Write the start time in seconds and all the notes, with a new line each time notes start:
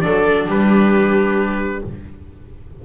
0.00 F#3 D4 A4 D5
0.46 G3 G4 B4